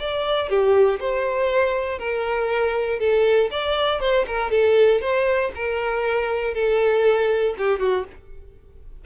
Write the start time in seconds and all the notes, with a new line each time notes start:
0.00 D5
0.50 G4
1.00 C5
1.99 A#4
3.00 A4
3.51 D5
4.01 C5
4.27 A#4
4.51 A4
5.01 C5
5.56 A#4
6.55 A4
7.59 G4
7.80 F#4